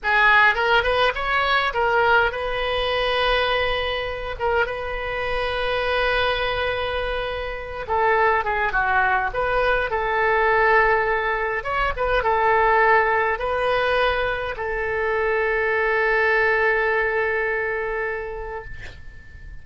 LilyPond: \new Staff \with { instrumentName = "oboe" } { \time 4/4 \tempo 4 = 103 gis'4 ais'8 b'8 cis''4 ais'4 | b'2.~ b'8 ais'8 | b'1~ | b'4. a'4 gis'8 fis'4 |
b'4 a'2. | cis''8 b'8 a'2 b'4~ | b'4 a'2.~ | a'1 | }